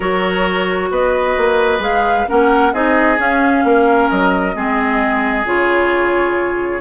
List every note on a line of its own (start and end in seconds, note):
0.00 0.90 F#3
0.00 1.80 F#4
0.00 0.89 A#4
0.00 0.90 C#5
0.90 1.36 B3
0.90 2.28 B4
0.90 1.82 D#5
1.37 1.79 A#3
1.79 2.24 G#3
1.79 2.26 G#4
1.79 2.28 F5
2.27 2.73 A#3
2.27 2.72 C#4
2.27 2.73 A#4
2.27 2.73 F#5
2.73 3.18 C4
2.73 3.17 D#4
2.73 3.64 G#4
2.73 3.18 D#5
3.17 4.53 C#4
3.17 3.63 C#4
3.17 4.09 F5
3.63 4.09 A#3
3.63 4.55 A#4
4.09 4.55 F#3
4.09 5.46 D#5
4.55 5.45 G#3
4.55 5.45 C4
4.55 6.80 G#4
5.45 6.80 C#3
5.45 6.80 F4
5.45 6.80 C#5